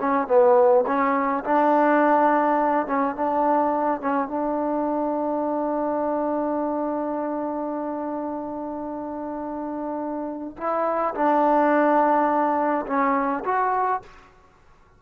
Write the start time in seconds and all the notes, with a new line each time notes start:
0.00 C#4
0.28 B3
0.87 C#4
1.44 D4
2.87 C#4
3.16 D4
4.01 C#4
4.28 D4
10.57 E4
11.15 D4
12.87 C#4
13.45 F#4